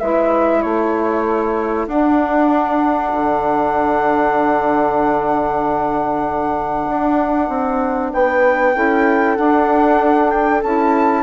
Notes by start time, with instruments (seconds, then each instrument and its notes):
0.00 bassoon G#3, saxophone E4, horn B4, flute E5
0.62 bassoon A3, horn A4, flute C#5
1.88 bassoon D4, saxophone D4, flute F#5
3.13 bassoon D3
6.89 bassoon D4
7.49 bassoon C4
8.13 bassoon B3, horn B4, flute G5
8.75 bassoon C#4, saxophone E4, horn A4
9.36 saxophone D4, bassoon D4, flute F#5
10.31 flute G5
10.63 bassoon C#4, saxophone E4, flute A5